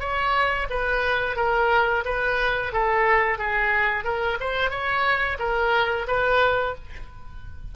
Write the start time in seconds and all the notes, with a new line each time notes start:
0.00 C#5
0.70 B4
1.36 A#4
2.05 B4
2.72 A4
3.38 G#4
4.04 A#4
4.40 C5
4.70 C#5
5.39 A#4
6.07 B4